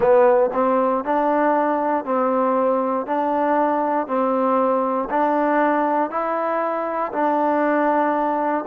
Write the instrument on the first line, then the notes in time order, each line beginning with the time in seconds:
trombone
0.00 B3
0.53 C4
1.04 D4
2.04 C4
3.06 D4
4.07 C4
5.09 D4
6.10 E4
7.12 D4